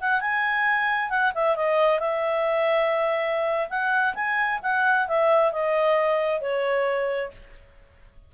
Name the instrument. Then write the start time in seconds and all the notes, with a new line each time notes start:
clarinet
0.00 F#5
0.20 G#5
1.10 F#5
1.35 E5
1.56 D#5
1.99 E5
3.69 F#5
4.14 G#5
4.62 F#5
5.08 E5
5.52 D#5
6.41 C#5